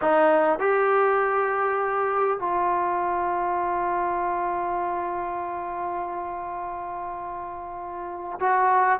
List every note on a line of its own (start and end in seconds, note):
0.01 0.59 D#4
0.59 2.39 G4
2.39 8.39 F4
8.39 8.99 F#4